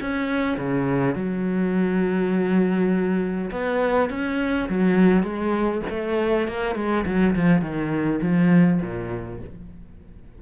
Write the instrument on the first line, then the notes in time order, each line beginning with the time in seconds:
cello
0.00 C#4
0.57 C#3
1.15 F#3
3.51 B3
4.10 C#4
4.69 F#3
5.22 G#3
5.89 A3
6.47 A#3
6.75 G#3
7.05 F#3
7.35 F3
7.61 D#3
8.21 F3
8.81 A#2